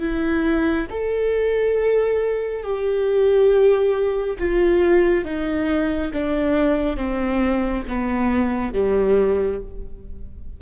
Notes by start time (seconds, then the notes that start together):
0.00 E4
0.91 A4
2.64 G4
4.39 F4
5.25 D#4
6.13 D4
6.97 C4
7.88 B3
8.74 G3